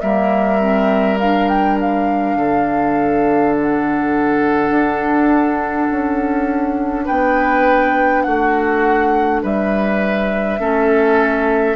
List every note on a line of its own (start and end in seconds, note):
0.00 2.35 G3
0.00 0.60 A#3
0.00 2.37 A#4
0.00 1.18 E5
0.60 1.19 C4
1.19 10.59 D4
1.19 1.49 F5
1.49 1.78 G5
1.80 3.55 F5
2.35 4.70 D3
2.35 7.05 A4
3.55 7.06 F#5
4.70 5.87 D4
5.91 7.08 C#4
7.05 8.26 B3
7.05 8.22 B4
7.05 8.22 G5
8.22 9.43 A3
8.22 9.43 F#4
8.22 9.40 F#5
9.43 10.59 G3
9.43 10.60 B4
9.43 11.76 E5
10.59 11.76 A3
10.59 11.76 C#4
10.59 11.76 A4